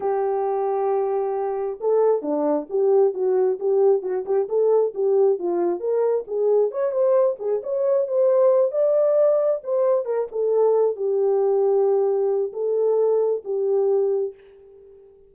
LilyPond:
\new Staff \with { instrumentName = "horn" } { \time 4/4 \tempo 4 = 134 g'1 | a'4 d'4 g'4 fis'4 | g'4 fis'8 g'8 a'4 g'4 | f'4 ais'4 gis'4 cis''8 c''8~ |
c''8 gis'8 cis''4 c''4. d''8~ | d''4. c''4 ais'8 a'4~ | a'8 g'2.~ g'8 | a'2 g'2 | }